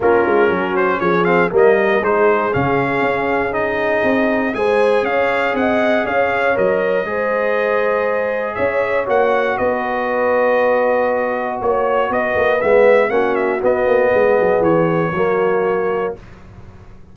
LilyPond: <<
  \new Staff \with { instrumentName = "trumpet" } { \time 4/4 \tempo 4 = 119 ais'4. c''8 cis''8 f''8 dis''4 | c''4 f''2 dis''4~ | dis''4 gis''4 f''4 fis''4 | f''4 dis''2.~ |
dis''4 e''4 fis''4 dis''4~ | dis''2. cis''4 | dis''4 e''4 fis''8 e''8 dis''4~ | dis''4 cis''2. | }
  \new Staff \with { instrumentName = "horn" } { \time 4/4 f'4 fis'4 gis'4 ais'4 | gis'1~ | gis'4 c''4 cis''4 dis''4 | cis''2 c''2~ |
c''4 cis''2 b'4~ | b'2. cis''4 | b'2 fis'2 | gis'2 fis'2 | }
  \new Staff \with { instrumentName = "trombone" } { \time 4/4 cis'2~ cis'8 c'8 ais4 | dis'4 cis'2 dis'4~ | dis'4 gis'2.~ | gis'4 ais'4 gis'2~ |
gis'2 fis'2~ | fis'1~ | fis'4 b4 cis'4 b4~ | b2 ais2 | }
  \new Staff \with { instrumentName = "tuba" } { \time 4/4 ais8 gis8 fis4 f4 g4 | gis4 cis4 cis'2 | c'4 gis4 cis'4 c'4 | cis'4 fis4 gis2~ |
gis4 cis'4 ais4 b4~ | b2. ais4 | b8 ais8 gis4 ais4 b8 ais8 | gis8 fis8 e4 fis2 | }
>>